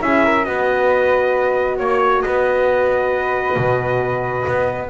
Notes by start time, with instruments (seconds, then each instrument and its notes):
0.00 double bass C#4, horn E4, flute G#4, trumpet E5
0.25 flute A#4
0.43 double bass B3, horn F#4, flute B4, trumpet D#5
1.78 double bass A#3, flute C#5, trumpet C#5
2.22 double bass B3, flute B4, trumpet D#5
3.57 double bass B2
4.48 double bass B3